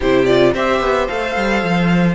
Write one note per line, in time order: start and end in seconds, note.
0.00 0.54 C3
0.00 0.27 E4
0.00 0.52 G4
0.00 0.25 C5
0.25 0.54 F4
0.25 0.52 D5
0.54 0.80 C4
0.54 1.08 G4
0.54 2.14 C5
0.54 1.07 E5
0.80 1.07 B3
1.07 1.36 A3
1.07 2.14 A4
1.07 2.14 F5
1.36 1.63 G3
1.63 2.14 F3